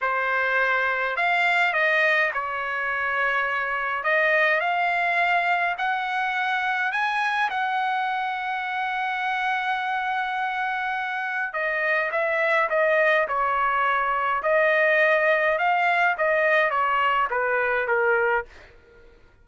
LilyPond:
\new Staff \with { instrumentName = "trumpet" } { \time 4/4 \tempo 4 = 104 c''2 f''4 dis''4 | cis''2. dis''4 | f''2 fis''2 | gis''4 fis''2.~ |
fis''1 | dis''4 e''4 dis''4 cis''4~ | cis''4 dis''2 f''4 | dis''4 cis''4 b'4 ais'4 | }